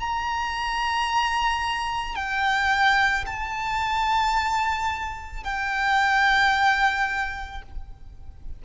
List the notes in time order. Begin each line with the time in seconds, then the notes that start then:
0.00 A#5
2.16 G5
3.26 A5
5.44 G5